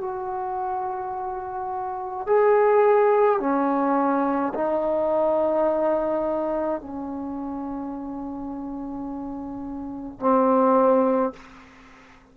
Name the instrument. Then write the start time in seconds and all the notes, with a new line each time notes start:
trombone
0.00 F#4
2.26 G#4
3.39 C#4
4.54 D#4
6.80 C#4
10.19 C4